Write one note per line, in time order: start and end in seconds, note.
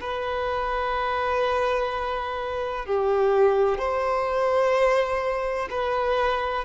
0.00 2.85 B4
2.85 3.78 G4
3.78 5.68 C5
5.70 6.65 B4